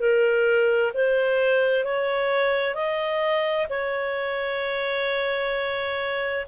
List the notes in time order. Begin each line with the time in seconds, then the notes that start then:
0.00 A#4
0.94 C5
1.84 C#5
2.75 D#5
3.70 C#5